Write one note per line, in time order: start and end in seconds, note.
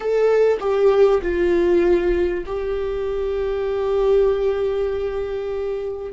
0.00 0.58 A4
0.60 1.21 G4
1.22 2.44 F4
2.45 6.12 G4